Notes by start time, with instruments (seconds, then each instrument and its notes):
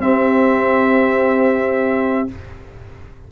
0.00 tuba C4, trombone C4, horn G4, trumpet E5